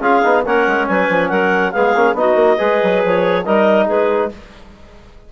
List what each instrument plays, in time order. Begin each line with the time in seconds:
0.00 bassoon C#4, trombone F4, clarinet G#4 F5
0.23 bassoon B3, trombone D#4
0.45 bassoon A#3, trombone C#4, clarinet A#4 F#5
0.67 bassoon G#3
0.87 bassoon F#3, clarinet B4 G#5
1.09 bassoon F3
1.29 bassoon F#3, clarinet A#4 F#5
1.72 bassoon G#3, trombone B3, clarinet G#4 F5
1.95 bassoon A#3, trombone C#4
2.14 bassoon B3, trombone D#4, clarinet F#4 D#5
2.35 bassoon A#3
2.57 bassoon G#3, trombone G#4, clarinet B4
2.83 bassoon F#3
3.05 bassoon F3, clarinet C#5
3.45 bassoon G3, trombone D#4, clarinet A#4 D#5
3.86 bassoon G#3, clarinet G#4 B4